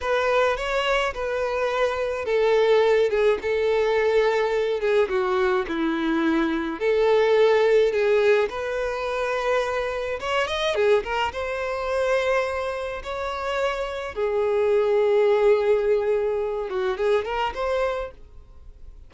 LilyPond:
\new Staff \with { instrumentName = "violin" } { \time 4/4 \tempo 4 = 106 b'4 cis''4 b'2 | a'4. gis'8 a'2~ | a'8 gis'8 fis'4 e'2 | a'2 gis'4 b'4~ |
b'2 cis''8 dis''8 gis'8 ais'8 | c''2. cis''4~ | cis''4 gis'2.~ | gis'4. fis'8 gis'8 ais'8 c''4 | }